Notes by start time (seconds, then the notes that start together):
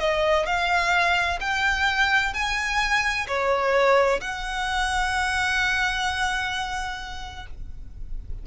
0.00 D#5
0.47 F5
1.41 G5
2.34 G#5
3.28 C#5
4.21 F#5